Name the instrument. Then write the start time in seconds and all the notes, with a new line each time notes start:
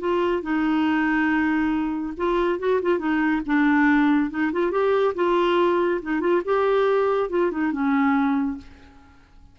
clarinet
0.00 F4
0.43 D#4
2.18 F4
2.59 F#4
2.82 F4
2.99 D#4
3.46 D4
4.31 D#4
4.53 F4
4.72 G4
5.15 F4
6.02 D#4
6.21 F4
6.45 G4
7.30 F4
7.52 D#4
7.72 C#4